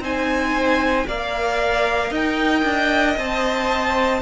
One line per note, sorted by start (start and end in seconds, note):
0.00 1.05 C4
0.00 1.07 D#4
0.00 1.07 C5
0.00 1.08 G#5
1.07 2.11 A#3
1.07 3.20 A#4
1.07 2.10 D5
1.07 2.14 F5
2.10 2.64 D#4
2.10 4.21 D#5
2.10 3.18 G5
2.64 3.17 D4
3.18 4.22 C4
3.18 4.22 C5
3.18 4.22 A5